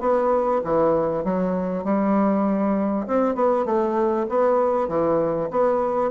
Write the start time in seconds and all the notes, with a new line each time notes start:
0.00 B3
0.64 E3
1.24 F#3
1.84 G3
3.07 C4
3.35 B3
3.65 A3
4.29 B3
4.88 E3
5.50 B3